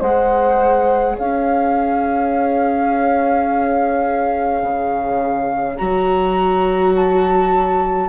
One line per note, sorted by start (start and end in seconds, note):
0.00 1.16 G#3
0.00 5.77 G#4
0.00 1.15 C5
0.00 1.17 F#5
1.15 4.62 C#4
1.15 8.07 C#5
1.15 5.77 F5
4.62 5.77 C#3
5.77 8.09 F#3
5.77 8.09 F#4
5.77 6.92 A#5
6.95 8.09 A5